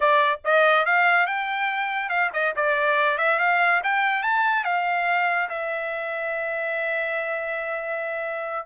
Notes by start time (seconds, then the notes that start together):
0.00 D5
0.44 D#5
0.85 F5
1.26 G5
2.09 F5
2.33 D#5
2.56 D5
3.17 E5
3.39 F5
3.83 G5
4.23 A5
4.64 F5
5.49 E5